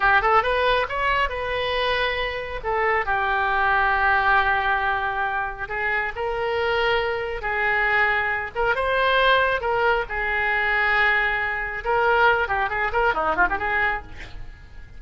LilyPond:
\new Staff \with { instrumentName = "oboe" } { \time 4/4 \tempo 4 = 137 g'8 a'8 b'4 cis''4 b'4~ | b'2 a'4 g'4~ | g'1~ | g'4 gis'4 ais'2~ |
ais'4 gis'2~ gis'8 ais'8 | c''2 ais'4 gis'4~ | gis'2. ais'4~ | ais'8 g'8 gis'8 ais'8 dis'8 f'16 g'16 gis'4 | }